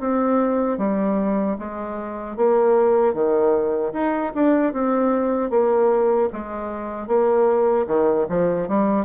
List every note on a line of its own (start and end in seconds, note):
0.00 0.78 C4
0.78 1.57 G3
1.59 2.37 G#3
2.37 3.14 A#3
3.14 3.93 D#3
3.93 4.32 D#4
4.35 4.73 D4
4.73 5.50 C4
5.50 6.29 A#3
6.33 7.07 G#3
7.07 7.86 A#3
7.87 8.26 D#3
8.29 8.68 F3
8.68 9.05 G3